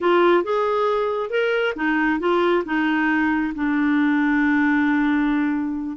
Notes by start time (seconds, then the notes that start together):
0.00 F4
0.43 G#4
1.30 A#4
1.75 D#4
2.19 F4
2.65 D#4
3.54 D4